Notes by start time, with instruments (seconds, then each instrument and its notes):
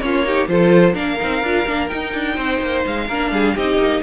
0.00 cello A#3, viola C#4, violin F4 C#5
0.24 viola D#4, violin G4
0.47 cello F3, viola F4, violin A4 C5
0.94 cello A#3, viola D4, violin A#4 F5
1.19 cello C4, viola D#4
1.42 cello D4, viola F4
1.66 cello A#3, viola D4
1.88 viola D#4, cello D#4, violin G5
2.13 cello D4
2.35 cello C4, violin C5
2.61 cello A#3
2.86 cello G#3, violin F5
3.07 cello A#3, viola D4, violin A#4
3.31 cello G3, violin G#4
3.54 cello C4, viola D#4, violin G4 D#5
3.77 cello A#3